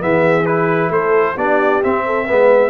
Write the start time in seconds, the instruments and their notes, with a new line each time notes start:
0.00 tuba E3, trombone B3, horn G#4, trumpet E5
0.46 trombone E4, trumpet B4
0.90 tuba A3, horn A4, trumpet C5
1.36 tuba B3, trombone D4, horn G4, trumpet D5
1.83 trombone C4, tuba C4, trumpet E5
2.06 horn A4
2.25 tuba G#3, trombone B3, horn B4